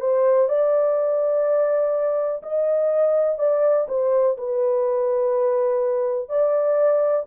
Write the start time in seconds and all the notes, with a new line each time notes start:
0.00 C5
0.48 D5
2.42 D#5
3.38 D5
3.88 C5
4.37 B4
6.29 D5